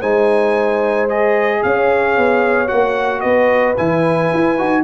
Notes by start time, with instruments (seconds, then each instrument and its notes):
0.00 tuba G#3, trombone D#4, horn C5, trumpet G#5
1.08 trombone G#4, trumpet D#5
1.62 tuba C#4, horn C#5, trumpet F5
2.17 tuba B3
2.67 tuba A#3, trombone F#4, trumpet F#5
3.20 tuba B3, horn B4, trumpet D#5
3.77 tuba E3, trombone E4, trumpet G#5
4.34 tuba E4
4.58 tuba D#4, trombone F#4